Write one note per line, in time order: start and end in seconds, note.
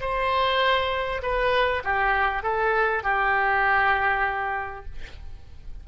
0.00 1.21 C5
1.22 1.82 B4
1.83 2.43 G4
2.43 3.03 A4
3.03 4.85 G4